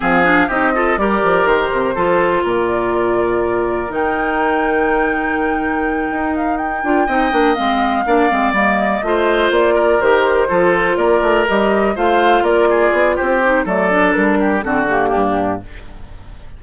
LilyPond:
<<
  \new Staff \with { instrumentName = "flute" } { \time 4/4 \tempo 4 = 123 f''4 dis''4 d''4 c''4~ | c''4 d''2. | g''1~ | g''4 f''8 g''2 f''8~ |
f''4. dis''2 d''8~ | d''8 c''2 d''4 dis''8~ | dis''8 f''4 d''4. c''4 | d''4 ais'4 a'8 g'4. | }
  \new Staff \with { instrumentName = "oboe" } { \time 4/4 gis'4 g'8 a'8 ais'2 | a'4 ais'2.~ | ais'1~ | ais'2~ ais'8 dis''4.~ |
dis''8 d''2 c''4. | ais'4. a'4 ais'4.~ | ais'8 c''4 ais'8 gis'4 g'4 | a'4. g'8 fis'4 d'4 | }
  \new Staff \with { instrumentName = "clarinet" } { \time 4/4 c'8 d'8 dis'8 f'8 g'2 | f'1 | dis'1~ | dis'2 f'8 dis'8 d'8 c'8~ |
c'8 d'8 c'8 ais4 f'4.~ | f'8 g'4 f'2 g'8~ | g'8 f'2. dis'8 | a8 d'4. c'8 ais4. | }
  \new Staff \with { instrumentName = "bassoon" } { \time 4/4 f4 c'4 g8 f8 dis8 c8 | f4 ais,2. | dis1~ | dis8 dis'4. d'8 c'8 ais8 gis8~ |
gis8 ais8 gis8 g4 a4 ais8~ | ais8 dis4 f4 ais8 a8 g8~ | g8 a4 ais4 b8 c'4 | fis4 g4 d4 g,4 | }
>>